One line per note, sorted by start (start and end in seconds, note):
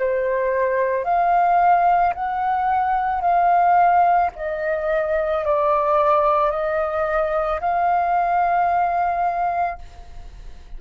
0.00 1.05 C5
1.05 2.14 F5
2.15 3.22 F#5
3.22 4.31 F5
4.36 5.45 D#5
5.45 6.52 D5
6.52 7.61 D#5
7.61 9.79 F5